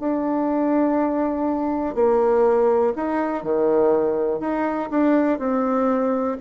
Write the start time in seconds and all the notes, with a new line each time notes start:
0.00 D4
1.95 A#3
2.96 D#4
3.44 D#3
4.40 D#4
4.91 D4
5.40 C4